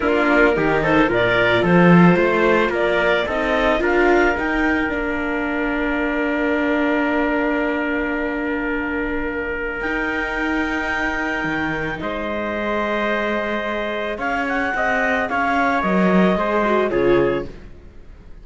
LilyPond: <<
  \new Staff \with { instrumentName = "clarinet" } { \time 4/4 \tempo 4 = 110 ais'4. c''8 d''4 c''4~ | c''4 d''4 dis''4 f''4 | g''4 f''2.~ | f''1~ |
f''2 g''2~ | g''2 dis''2~ | dis''2 f''8 fis''4. | f''4 dis''2 cis''4 | }
  \new Staff \with { instrumentName = "trumpet" } { \time 4/4 f'4 g'8 a'8 ais'4 a'4 | c''4 ais'4 a'4 ais'4~ | ais'1~ | ais'1~ |
ais'1~ | ais'2 c''2~ | c''2 cis''4 dis''4 | cis''2 c''4 gis'4 | }
  \new Staff \with { instrumentName = "viola" } { \time 4/4 d'4 dis'4 f'2~ | f'2 dis'4 f'4 | dis'4 d'2.~ | d'1~ |
d'2 dis'2~ | dis'2. gis'4~ | gis'1~ | gis'4 ais'4 gis'8 fis'8 f'4 | }
  \new Staff \with { instrumentName = "cello" } { \time 4/4 ais4 dis4 ais,4 f4 | a4 ais4 c'4 d'4 | dis'4 ais2.~ | ais1~ |
ais2 dis'2~ | dis'4 dis4 gis2~ | gis2 cis'4 c'4 | cis'4 fis4 gis4 cis4 | }
>>